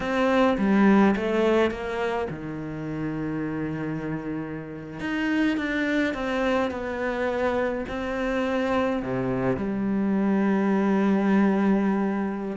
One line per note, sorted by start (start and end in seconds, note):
0.00 0.57 C4
0.58 1.15 G3
1.16 1.70 A3
1.70 2.27 A#3
2.30 5.00 D#3
5.00 5.57 D#4
5.57 6.14 D4
6.14 6.70 C4
6.70 7.84 B3
7.88 9.02 C4
9.02 9.57 C3
9.57 12.57 G3